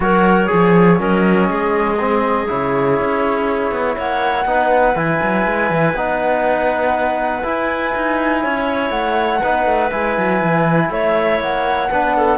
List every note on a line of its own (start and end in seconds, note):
0.00 0.48 F#3
0.00 0.47 F#4
0.00 0.49 A#4
0.00 1.00 C#5
0.47 0.99 F3
0.47 0.96 G#4
0.47 0.99 G#4
0.98 1.49 F#3
0.98 1.97 C#4
0.98 1.48 A#4
0.98 2.49 D#5
1.48 2.49 G#3
1.48 3.96 G#4
1.99 2.47 C4
2.47 2.99 C#3
2.47 4.45 E4
2.47 3.98 C#5
2.99 3.71 C#4
3.71 3.96 B3
3.96 4.45 A#3
3.96 4.46 C#5
3.96 4.97 F#5
4.45 4.94 B3
4.45 4.95 D#4
4.45 8.42 B4
4.95 5.20 E3
4.95 5.94 E4
4.95 5.96 G#5
5.22 5.46 F#3
5.46 5.70 G#3
5.70 5.93 E3
5.93 7.42 B3
5.93 7.42 D#4
5.93 7.44 F#5
7.42 9.40 E4
7.42 7.94 E4
7.42 8.89 G#5
7.95 8.44 D#4
8.42 8.89 C#4
8.42 9.40 C#5
8.89 9.39 A3
8.89 9.89 F#5
9.40 9.65 B3
9.40 9.91 D#4
9.40 10.89 B4
9.65 9.90 A3
9.91 10.18 G#3
9.91 11.89 E4
9.91 10.90 G#5
10.18 10.42 F#3
10.42 10.90 E3
10.90 11.39 A3
10.90 11.90 C#5
10.90 11.40 E5
11.39 11.89 A#3
11.39 12.38 F#5
11.90 12.38 B3
11.90 12.38 D4
11.90 12.15 B4
12.16 12.38 A4